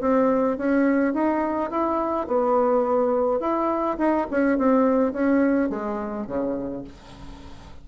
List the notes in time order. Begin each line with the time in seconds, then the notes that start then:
0.00 C4
0.57 C#4
1.13 D#4
1.70 E4
2.27 B3
3.40 E4
3.98 D#4
4.30 C#4
4.58 C4
5.12 C#4
5.69 G#3
6.26 C#3